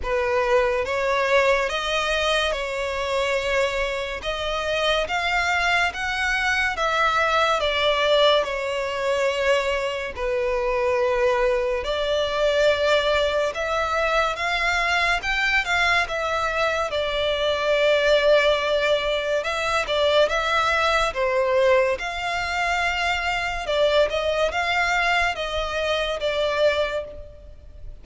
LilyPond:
\new Staff \with { instrumentName = "violin" } { \time 4/4 \tempo 4 = 71 b'4 cis''4 dis''4 cis''4~ | cis''4 dis''4 f''4 fis''4 | e''4 d''4 cis''2 | b'2 d''2 |
e''4 f''4 g''8 f''8 e''4 | d''2. e''8 d''8 | e''4 c''4 f''2 | d''8 dis''8 f''4 dis''4 d''4 | }